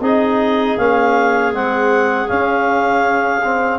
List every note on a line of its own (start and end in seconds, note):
0.00 0.76 C4
0.00 0.78 D#4
0.00 3.79 G#4
0.00 0.78 D#5
0.78 1.53 A#3
0.78 1.53 C#4
0.78 1.54 F5
1.53 2.29 G#3
1.53 2.27 C4
1.53 2.28 F#5
2.27 3.41 C#4
2.27 3.79 C#4
2.27 3.79 F5
3.44 3.79 C4